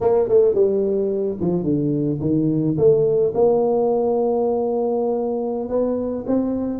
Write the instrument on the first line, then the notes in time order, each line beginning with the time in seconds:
tuba
0.01 A#3
0.28 A3
0.54 G3
1.40 F3
1.63 D3
2.20 D#3
2.77 A3
3.34 A#3
5.69 B3
6.26 C4